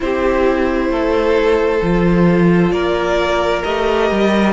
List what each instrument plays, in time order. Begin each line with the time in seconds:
0.00 cello C4, viola E4, violin G4 C5
0.89 cello A3, violin A4
1.82 cello F3, viola F4
2.71 cello A#3, violin A#4 D5
3.63 cello A3, viola G4, violin D#5
4.10 cello G3